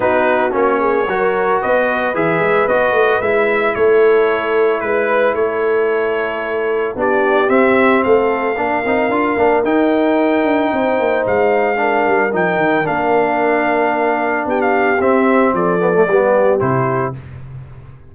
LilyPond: <<
  \new Staff \with { instrumentName = "trumpet" } { \time 4/4 \tempo 4 = 112 b'4 cis''2 dis''4 | e''4 dis''4 e''4 cis''4~ | cis''4 b'4 cis''2~ | cis''4 d''4 e''4 f''4~ |
f''2 g''2~ | g''4 f''2 g''4 | f''2. g''16 f''8. | e''4 d''2 c''4 | }
  \new Staff \with { instrumentName = "horn" } { \time 4/4 fis'4. gis'8 ais'4 b'4~ | b'2. a'4~ | a'4 b'4 a'2~ | a'4 g'2 a'4 |
ais'1 | c''2 ais'2~ | ais'2. g'4~ | g'4 a'4 g'2 | }
  \new Staff \with { instrumentName = "trombone" } { \time 4/4 dis'4 cis'4 fis'2 | gis'4 fis'4 e'2~ | e'1~ | e'4 d'4 c'2 |
d'8 dis'8 f'8 d'8 dis'2~ | dis'2 d'4 dis'4 | d'1 | c'4. b16 a16 b4 e'4 | }
  \new Staff \with { instrumentName = "tuba" } { \time 4/4 b4 ais4 fis4 b4 | e8 gis8 b8 a8 gis4 a4~ | a4 gis4 a2~ | a4 b4 c'4 a4 |
ais8 c'8 d'8 ais8 dis'4. d'8 | c'8 ais8 gis4. g8 f8 dis8 | ais2. b4 | c'4 f4 g4 c4 | }
>>